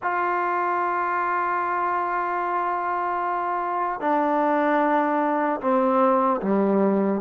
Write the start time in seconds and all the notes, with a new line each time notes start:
0.02 F4
4.00 D4
5.60 C4
6.41 G3